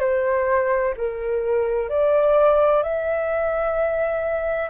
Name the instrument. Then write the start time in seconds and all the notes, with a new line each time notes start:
flute
0.00 C5
0.97 A#4
1.89 D5
2.83 E5